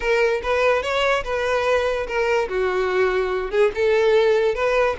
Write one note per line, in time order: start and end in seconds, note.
0.00 0.41 A#4
0.42 0.82 B4
0.82 1.23 C#5
1.24 2.06 B4
2.07 2.48 A#4
2.48 3.51 F#4
3.51 3.71 G#4
3.74 4.54 A4
4.54 4.96 B4